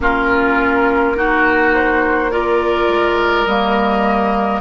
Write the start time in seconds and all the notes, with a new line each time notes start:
0.00 A#3 C#4 F4 A#4
1.15 D#4 F#4
1.74 C5
2.31 F4 A#4 D5
2.88 G#3
3.45 G3 A#3 D#5